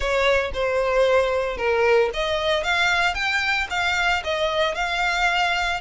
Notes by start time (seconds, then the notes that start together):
0.00 C#5
0.53 C5
1.57 A#4
2.13 D#5
2.63 F5
3.14 G5
3.70 F5
4.24 D#5
4.75 F5